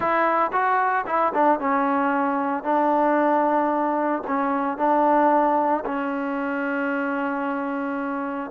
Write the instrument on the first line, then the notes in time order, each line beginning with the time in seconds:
trombone
0.00 E4
0.52 F#4
1.06 E4
1.33 D4
1.59 C#4
2.63 D4
4.27 C#4
4.77 D4
5.85 C#4